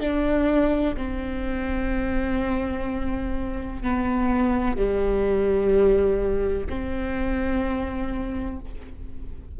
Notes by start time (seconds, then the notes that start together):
0.00 D4
0.97 C4
3.82 B3
4.77 G3
6.69 C4